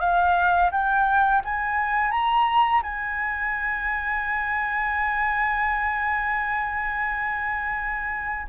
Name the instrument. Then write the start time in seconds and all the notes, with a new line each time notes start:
flute
0.00 F5
0.71 G5
1.44 G#5
2.11 A#5
2.82 G#5